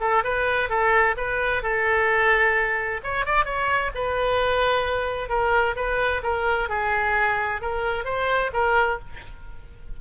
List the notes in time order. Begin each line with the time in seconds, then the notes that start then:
0.00 A4
0.23 B4
0.69 A4
1.17 B4
1.63 A4
3.04 C#5
3.25 D5
3.45 C#5
3.94 B4
5.29 A#4
5.76 B4
6.23 A#4
6.69 G#4
7.61 A#4
8.05 C5
8.53 A#4